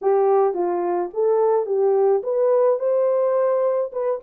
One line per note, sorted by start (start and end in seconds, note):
0.01 0.54 G4
0.54 1.10 F4
1.13 1.65 A4
1.65 2.21 G4
2.23 2.79 B4
2.79 3.91 C5
3.92 4.20 B4